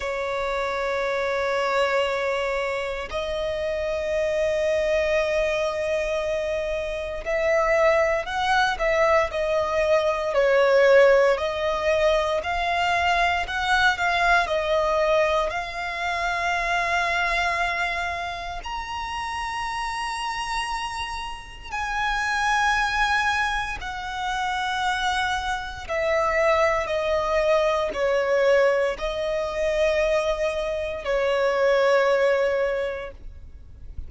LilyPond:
\new Staff \with { instrumentName = "violin" } { \time 4/4 \tempo 4 = 58 cis''2. dis''4~ | dis''2. e''4 | fis''8 e''8 dis''4 cis''4 dis''4 | f''4 fis''8 f''8 dis''4 f''4~ |
f''2 ais''2~ | ais''4 gis''2 fis''4~ | fis''4 e''4 dis''4 cis''4 | dis''2 cis''2 | }